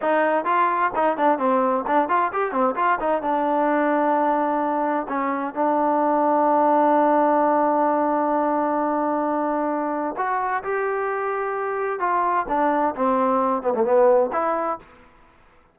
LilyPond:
\new Staff \with { instrumentName = "trombone" } { \time 4/4 \tempo 4 = 130 dis'4 f'4 dis'8 d'8 c'4 | d'8 f'8 g'8 c'8 f'8 dis'8 d'4~ | d'2. cis'4 | d'1~ |
d'1~ | d'2 fis'4 g'4~ | g'2 f'4 d'4 | c'4. b16 a16 b4 e'4 | }